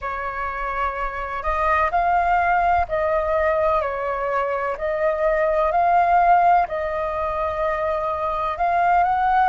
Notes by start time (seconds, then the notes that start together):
0.01 C#5
1.42 D#5
1.90 F5
2.88 D#5
3.81 C#5
4.77 D#5
5.71 F5
6.68 D#5
8.57 F5
9.03 F#5